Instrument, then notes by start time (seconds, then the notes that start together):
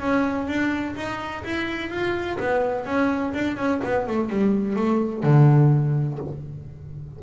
double bass
0.00 C#4
0.48 D4
0.96 D#4
1.44 E4
1.90 F4
2.39 B3
2.86 C#4
3.34 D4
3.57 C#4
3.84 B3
4.07 A3
4.30 G3
4.76 A3
5.24 D3